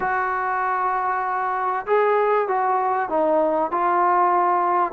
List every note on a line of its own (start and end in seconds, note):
0.00 1.86 F#4
1.86 2.47 G#4
2.47 3.09 F#4
3.09 3.71 D#4
3.71 4.92 F4